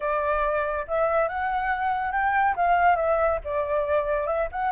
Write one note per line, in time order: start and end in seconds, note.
0.00 0.86 D5
0.87 1.28 E5
1.28 2.12 F#5
2.12 2.54 G5
2.56 2.96 F5
2.96 3.38 E5
3.44 4.26 D5
4.26 4.48 E5
4.52 4.71 F#5